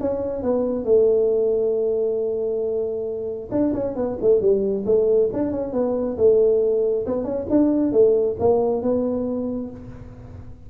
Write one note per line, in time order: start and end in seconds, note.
0.00 0.42 C#4
0.42 0.84 B3
0.84 3.49 A3
3.51 3.73 D4
3.73 3.95 C#4
3.95 4.18 B3
4.21 4.41 A3
4.41 4.85 G3
4.85 5.30 A3
5.33 5.51 D4
5.51 5.73 C#4
5.73 6.17 B3
6.17 7.05 A3
7.06 7.24 B3
7.24 7.46 C#4
7.50 7.92 D4
7.92 8.36 A3
8.39 8.82 A#3
8.82 9.70 B3